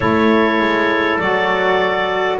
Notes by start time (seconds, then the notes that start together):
0.00 A3 E4 A4 C#5
0.59 G#3
1.18 F#3 F#4 D5